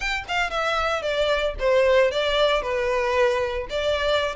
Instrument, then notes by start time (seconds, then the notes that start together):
violin
0.00 G5
0.28 F5
0.50 E5
1.02 D5
1.59 C5
2.11 D5
2.62 B4
3.69 D5